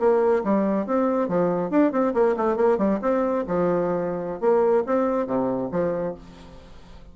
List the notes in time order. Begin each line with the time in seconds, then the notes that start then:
0.00 A#3
0.44 G3
0.87 C4
1.29 F3
1.71 D4
1.92 C4
2.14 A#3
2.37 A3
2.57 A#3
2.78 G3
3.02 C4
3.48 F3
4.41 A#3
4.87 C4
5.27 C3
5.72 F3